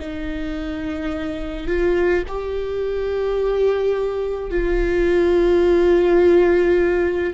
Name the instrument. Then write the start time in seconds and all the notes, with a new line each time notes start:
viola
0.00 D#4
1.67 F4
2.27 G4
4.51 F4